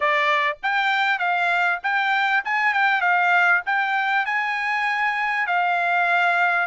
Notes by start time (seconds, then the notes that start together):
0.00 D5
0.63 G5
1.18 F5
1.83 G5
2.45 G#5
2.73 G5
3.01 F5
3.66 G5
4.25 G#5
5.46 F5